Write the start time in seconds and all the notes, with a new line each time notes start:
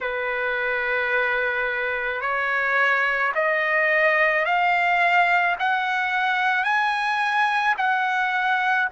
0.01 B4
2.21 C#5
3.34 D#5
4.44 F5
5.59 F#5
6.64 G#5
7.77 F#5